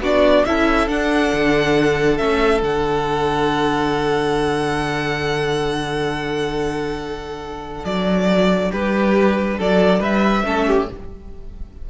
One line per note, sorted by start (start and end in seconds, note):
0.00 0.43 B3
0.00 0.46 D4
0.00 0.45 F#4
0.00 0.45 D5
0.45 0.87 C#4
0.45 0.89 E4
0.45 8.69 A4
0.45 0.88 E5
0.87 1.30 D4
0.87 2.18 D4
0.87 2.17 F#5
1.32 2.19 D3
2.17 2.62 A3
2.17 2.62 C#4
2.17 2.60 E5
2.62 7.83 D3
2.62 10.44 D4
2.62 7.84 F#5
7.84 8.71 F#3
7.84 8.71 D5
8.69 9.59 G3
8.69 9.56 G4
8.69 9.59 B4
9.58 9.99 F#3
9.58 9.99 A4
9.58 10.02 D5
9.99 10.42 G3
9.99 10.43 B4
9.99 10.89 E5
10.44 10.88 A3
10.44 10.88 C#4
10.44 10.67 A4
10.67 10.89 G4